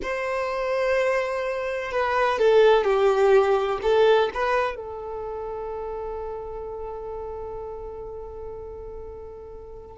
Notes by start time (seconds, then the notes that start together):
0.02 C5
1.91 B4
2.38 A4
2.84 G4
3.82 A4
4.34 B4
4.75 A4